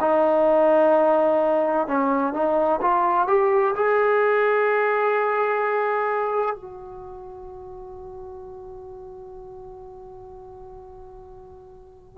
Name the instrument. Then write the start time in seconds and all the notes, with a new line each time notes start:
trombone
0.00 D#4
1.87 C#4
2.34 D#4
2.81 F4
3.28 G4
3.75 G#4
6.55 F#4